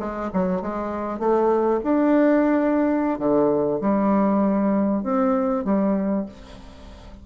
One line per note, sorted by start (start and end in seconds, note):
0.00 0.31 G#3
0.33 0.62 F#3
0.62 1.19 G#3
1.19 1.81 A3
1.84 3.19 D4
3.19 3.80 D3
3.81 5.03 G3
5.03 5.65 C4
5.65 6.26 G3